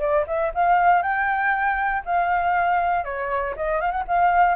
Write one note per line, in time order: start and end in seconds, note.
0.00 0.25 D5
0.28 0.53 E5
0.55 1.02 F5
1.02 2.03 G5
2.05 3.05 F5
3.05 3.55 C#5
3.57 3.81 D#5
3.81 3.91 F5
3.91 4.04 F#5
4.08 4.56 F5